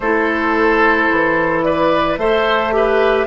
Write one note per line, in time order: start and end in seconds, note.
0.00 1.09 A3
0.00 2.19 E4
0.00 1.65 A4
0.00 1.62 C5
1.11 2.17 E3
1.62 2.19 B4
1.62 2.17 D5
2.17 3.26 A3
2.17 2.72 A4
2.17 2.73 C5
2.17 3.26 E5
2.72 3.26 G4
2.72 3.26 B4